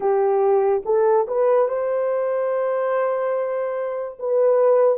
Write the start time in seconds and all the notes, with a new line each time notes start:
0.00 G4
0.85 A4
1.27 B4
1.68 C5
4.19 B4